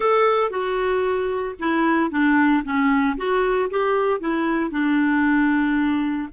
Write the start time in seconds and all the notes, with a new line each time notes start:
0.00 A4
0.50 F#4
1.59 E4
2.10 D4
2.64 C#4
3.17 F#4
3.70 G4
4.20 E4
4.71 D4